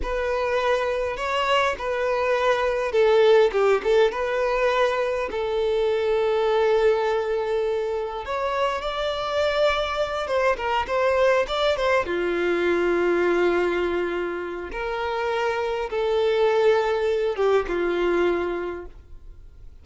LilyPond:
\new Staff \with { instrumentName = "violin" } { \time 4/4 \tempo 4 = 102 b'2 cis''4 b'4~ | b'4 a'4 g'8 a'8 b'4~ | b'4 a'2.~ | a'2 cis''4 d''4~ |
d''4. c''8 ais'8 c''4 d''8 | c''8 f'2.~ f'8~ | f'4 ais'2 a'4~ | a'4. g'8 f'2 | }